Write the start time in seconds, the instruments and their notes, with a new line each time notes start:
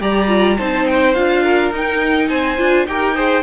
0.00 cello G3, viola G4, violin D5 A#5
0.28 viola F4
0.57 cello C4, viola D#4, violin C5 A5
0.87 violin G5
1.13 cello D4, viola F4, violin F5
1.43 violin A#4
1.71 cello D#4, viola D#4, violin G5
2.28 cello C4, violin C5 G#5
2.57 cello D4, viola F4
2.86 cello D#4, viola G4, violin A#4 G5
3.15 viola G#4, violin C5